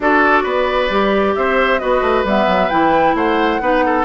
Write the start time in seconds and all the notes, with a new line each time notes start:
0.00 D4 F#4 A4 D5
0.43 B3 B4
0.89 G3 G4
1.35 C4 C5 E5
1.79 B3 F#4 B4 D#5
2.01 A3
2.24 G3 B3 E5
2.46 F#3
2.69 E3 E4 G5
3.14 A3 C5 F#5
3.60 B3 D#4 B4
3.85 A4